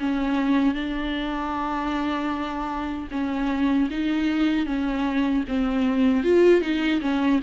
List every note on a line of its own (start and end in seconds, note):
0.00 0.75 C#4
0.75 3.09 D4
3.12 3.90 C#4
3.91 4.66 D#4
4.66 5.44 C#4
5.48 6.24 C4
6.24 6.62 F4
6.62 7.01 D#4
7.02 7.41 C#4